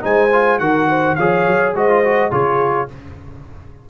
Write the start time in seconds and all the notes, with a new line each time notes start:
0.00 G#3 D#4 C5 G#5
0.32 F4
0.59 D#3 F#4 A#4 F#5
0.88 C5
1.15 F3 G#4 C#5 F5
1.47 F#3
1.74 G#3 F#4 C5 D#5
1.89 F4
2.04 F#4
2.31 C#3 F4 G#4 C#5